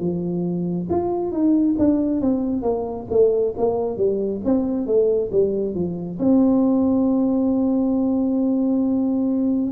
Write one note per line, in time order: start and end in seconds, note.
0.00 0.88 F3
0.90 1.32 F4
1.32 1.76 D#4
1.79 2.21 D4
2.21 2.63 C4
2.63 3.07 A#3
3.10 3.55 A3
3.58 3.97 A#3
3.97 4.42 G3
4.45 4.87 C4
4.87 5.31 A3
5.32 5.75 G3
5.75 6.19 F3
6.19 9.72 C4